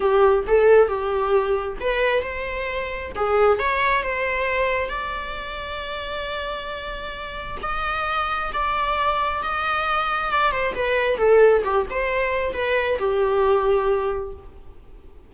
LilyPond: \new Staff \with { instrumentName = "viola" } { \time 4/4 \tempo 4 = 134 g'4 a'4 g'2 | b'4 c''2 gis'4 | cis''4 c''2 d''4~ | d''1~ |
d''4 dis''2 d''4~ | d''4 dis''2 d''8 c''8 | b'4 a'4 g'8 c''4. | b'4 g'2. | }